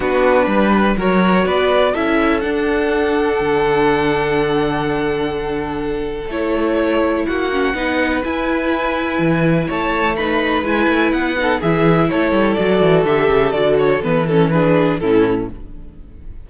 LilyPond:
<<
  \new Staff \with { instrumentName = "violin" } { \time 4/4 \tempo 4 = 124 b'2 cis''4 d''4 | e''4 fis''2.~ | fis''1~ | fis''4 cis''2 fis''4~ |
fis''4 gis''2. | a''4 b''4 gis''4 fis''4 | e''4 cis''4 d''4 e''4 | d''8 cis''8 b'8 a'8 b'4 a'4 | }
  \new Staff \with { instrumentName = "violin" } { \time 4/4 fis'4 b'4 ais'4 b'4 | a'1~ | a'1~ | a'2. fis'4 |
b'1 | cis''4 b'2~ b'8 a'8 | gis'4 a'2.~ | a'2 gis'4 e'4 | }
  \new Staff \with { instrumentName = "viola" } { \time 4/4 d'2 fis'2 | e'4 d'2.~ | d'1~ | d'4 e'2~ e'8 cis'8 |
dis'4 e'2.~ | e'4 dis'4 e'4. dis'8 | e'2 fis'4 g'4 | fis'4 b8 cis'8 d'4 cis'4 | }
  \new Staff \with { instrumentName = "cello" } { \time 4/4 b4 g4 fis4 b4 | cis'4 d'2 d4~ | d1~ | d4 a2 ais4 |
b4 e'2 e4 | a2 gis8 a8 b4 | e4 a8 g8 fis8 e8 d8 cis8 | d4 e2 a,4 | }
>>